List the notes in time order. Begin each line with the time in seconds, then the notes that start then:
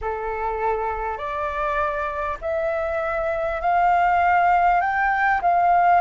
0.01 A4
1.17 D5
2.41 E5
3.61 F5
4.80 G5
5.41 F5